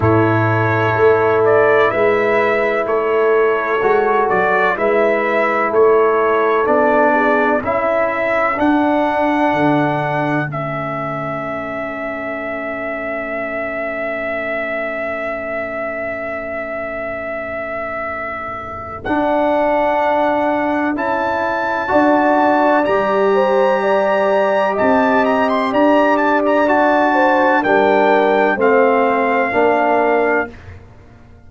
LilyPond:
<<
  \new Staff \with { instrumentName = "trumpet" } { \time 4/4 \tempo 4 = 63 cis''4. d''8 e''4 cis''4~ | cis''8 d''8 e''4 cis''4 d''4 | e''4 fis''2 e''4~ | e''1~ |
e''1 | fis''2 a''2 | ais''2 a''8 ais''16 c'''16 ais''8 a''16 ais''16 | a''4 g''4 f''2 | }
  \new Staff \with { instrumentName = "horn" } { \time 4/4 a'2 b'4 a'4~ | a'4 b'4 a'4. gis'8 | a'1~ | a'1~ |
a'1~ | a'2. d''4~ | d''8 c''8 d''4 dis''4 d''4~ | d''8 c''8 ais'4 c''4 ais'4 | }
  \new Staff \with { instrumentName = "trombone" } { \time 4/4 e'1 | fis'4 e'2 d'4 | e'4 d'2 cis'4~ | cis'1~ |
cis'1 | d'2 e'4 fis'4 | g'1 | fis'4 d'4 c'4 d'4 | }
  \new Staff \with { instrumentName = "tuba" } { \time 4/4 a,4 a4 gis4 a4 | gis8 fis8 gis4 a4 b4 | cis'4 d'4 d4 a4~ | a1~ |
a1 | d'2 cis'4 d'4 | g2 c'4 d'4~ | d'4 g4 a4 ais4 | }
>>